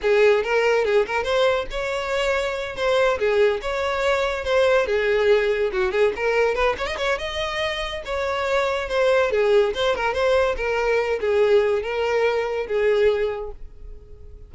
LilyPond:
\new Staff \with { instrumentName = "violin" } { \time 4/4 \tempo 4 = 142 gis'4 ais'4 gis'8 ais'8 c''4 | cis''2~ cis''8 c''4 gis'8~ | gis'8 cis''2 c''4 gis'8~ | gis'4. fis'8 gis'8 ais'4 b'8 |
cis''16 dis''16 cis''8 dis''2 cis''4~ | cis''4 c''4 gis'4 c''8 ais'8 | c''4 ais'4. gis'4. | ais'2 gis'2 | }